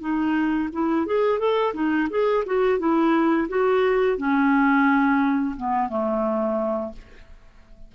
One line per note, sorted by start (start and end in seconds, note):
0.00 0.69 D#4
0.72 1.06 E4
1.06 1.39 G#4
1.39 1.73 A4
1.74 2.08 D#4
2.10 2.44 G#4
2.45 2.79 F#4
2.79 3.48 E4
3.48 4.17 F#4
4.17 5.55 C#4
5.56 5.89 B3
5.89 6.92 A3